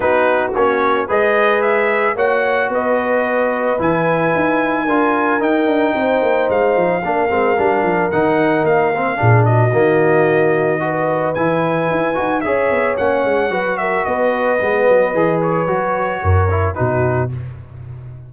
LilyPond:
<<
  \new Staff \with { instrumentName = "trumpet" } { \time 4/4 \tempo 4 = 111 b'4 cis''4 dis''4 e''4 | fis''4 dis''2 gis''4~ | gis''2 g''2 | f''2. fis''4 |
f''4. dis''2~ dis''8~ | dis''4 gis''2 e''4 | fis''4. e''8 dis''2~ | dis''8 cis''2~ cis''8 b'4 | }
  \new Staff \with { instrumentName = "horn" } { \time 4/4 fis'2 b'2 | cis''4 b'2.~ | b'4 ais'2 c''4~ | c''4 ais'2.~ |
ais'4 gis'8 fis'2~ fis'8 | b'2. cis''4~ | cis''4 b'8 ais'8 b'2~ | b'2 ais'4 fis'4 | }
  \new Staff \with { instrumentName = "trombone" } { \time 4/4 dis'4 cis'4 gis'2 | fis'2. e'4~ | e'4 f'4 dis'2~ | dis'4 d'8 c'8 d'4 dis'4~ |
dis'8 c'8 d'4 ais2 | fis'4 e'4. fis'8 gis'4 | cis'4 fis'2 b4 | gis'4 fis'4. e'8 dis'4 | }
  \new Staff \with { instrumentName = "tuba" } { \time 4/4 b4 ais4 gis2 | ais4 b2 e4 | dis'4 d'4 dis'8 d'8 c'8 ais8 | gis8 f8 ais8 gis8 g8 f8 dis4 |
ais4 ais,4 dis2~ | dis4 e4 e'8 dis'8 cis'8 b8 | ais8 gis8 fis4 b4 gis8 fis8 | e4 fis4 fis,4 b,4 | }
>>